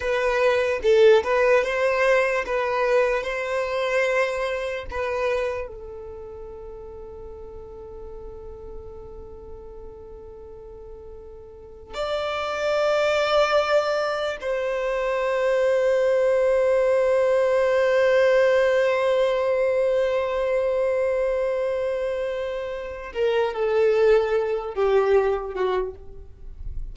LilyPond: \new Staff \with { instrumentName = "violin" } { \time 4/4 \tempo 4 = 74 b'4 a'8 b'8 c''4 b'4 | c''2 b'4 a'4~ | a'1~ | a'2~ a'8. d''4~ d''16~ |
d''4.~ d''16 c''2~ c''16~ | c''1~ | c''1~ | c''8 ais'8 a'4. g'4 fis'8 | }